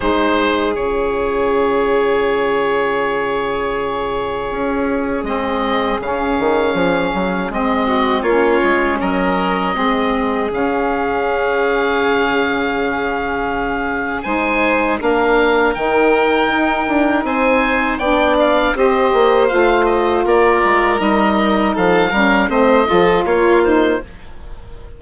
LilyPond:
<<
  \new Staff \with { instrumentName = "oboe" } { \time 4/4 \tempo 4 = 80 c''4 cis''2.~ | cis''2. dis''4 | f''2 dis''4 cis''4 | dis''2 f''2~ |
f''2. gis''4 | f''4 g''2 gis''4 | g''8 f''8 dis''4 f''8 dis''8 d''4 | dis''4 f''4 dis''4 cis''8 c''8 | }
  \new Staff \with { instrumentName = "violin" } { \time 4/4 gis'1~ | gis'1~ | gis'2~ gis'8 fis'8 f'4 | ais'4 gis'2.~ |
gis'2. c''4 | ais'2. c''4 | d''4 c''2 ais'4~ | ais'4 a'8 ais'8 c''8 a'8 f'4 | }
  \new Staff \with { instrumentName = "saxophone" } { \time 4/4 dis'4 f'2.~ | f'2. c'4 | cis'2 c'4 cis'4~ | cis'4 c'4 cis'2~ |
cis'2. dis'4 | d'4 dis'2. | d'4 g'4 f'2 | dis'4. cis'8 c'8 f'4 dis'8 | }
  \new Staff \with { instrumentName = "bassoon" } { \time 4/4 gis4 cis2.~ | cis2 cis'4 gis4 | cis8 dis8 f8 fis8 gis4 ais8 gis8 | fis4 gis4 cis2~ |
cis2. gis4 | ais4 dis4 dis'8 d'8 c'4 | b4 c'8 ais8 a4 ais8 gis8 | g4 f8 g8 a8 f8 ais4 | }
>>